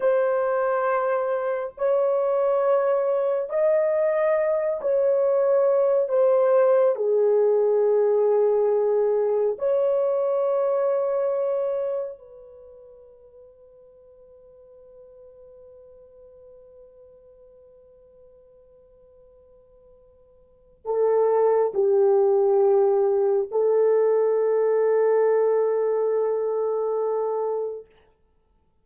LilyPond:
\new Staff \with { instrumentName = "horn" } { \time 4/4 \tempo 4 = 69 c''2 cis''2 | dis''4. cis''4. c''4 | gis'2. cis''4~ | cis''2 b'2~ |
b'1~ | b'1 | a'4 g'2 a'4~ | a'1 | }